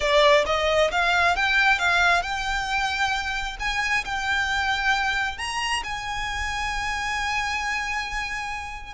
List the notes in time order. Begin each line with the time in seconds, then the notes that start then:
0.00 D5
0.46 D#5
0.91 F5
1.36 G5
1.78 F5
2.22 G5
3.59 G#5
4.04 G5
5.38 A#5
5.83 G#5